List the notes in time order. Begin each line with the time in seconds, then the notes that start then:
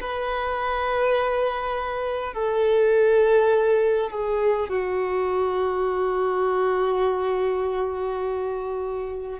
0.00 B4
2.34 A4
4.10 G#4
4.70 F#4